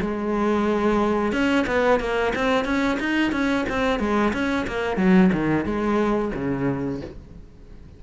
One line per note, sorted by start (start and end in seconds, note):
0.00 1.32 G#3
1.32 1.65 C#4
1.67 2.00 B3
2.00 2.33 A#3
2.35 2.64 C4
2.64 2.98 C#4
2.99 3.32 D#4
3.32 3.65 C#4
3.69 3.99 C4
3.99 4.32 G#3
4.33 4.66 C#4
4.67 4.97 A#3
4.97 5.30 F#3
5.33 5.65 D#3
5.65 6.31 G#3
6.34 7.01 C#3